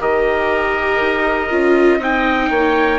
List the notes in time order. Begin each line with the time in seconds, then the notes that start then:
0.00 D#3 G4 A#4 D#5
1.00 D#4
1.50 C#4 F4
1.99 C4 D#4 D#5 G5
2.50 A#3 C#5